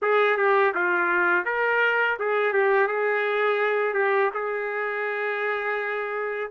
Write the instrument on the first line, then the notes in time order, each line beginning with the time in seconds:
trumpet
0.02 G#4
0.37 G4
0.74 F4
1.45 A#4
2.19 G#4
2.53 G4
2.87 G#4
3.94 G4
4.34 G#4